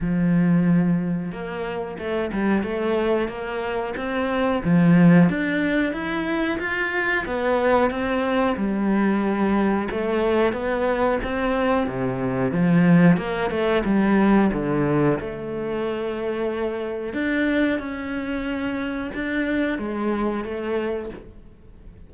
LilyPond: \new Staff \with { instrumentName = "cello" } { \time 4/4 \tempo 4 = 91 f2 ais4 a8 g8 | a4 ais4 c'4 f4 | d'4 e'4 f'4 b4 | c'4 g2 a4 |
b4 c'4 c4 f4 | ais8 a8 g4 d4 a4~ | a2 d'4 cis'4~ | cis'4 d'4 gis4 a4 | }